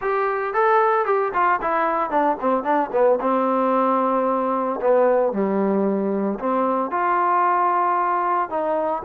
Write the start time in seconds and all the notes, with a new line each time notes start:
0.01 G4
0.53 A4
1.05 G4
1.33 F4
1.61 E4
2.10 D4
2.40 C4
2.63 D4
2.92 B3
3.21 C4
4.81 B3
5.32 G3
6.39 C4
6.91 F4
8.49 D#4